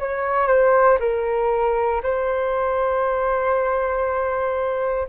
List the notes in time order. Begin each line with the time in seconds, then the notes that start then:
0.00 C#5
0.48 C5
1.00 A#4
2.03 C5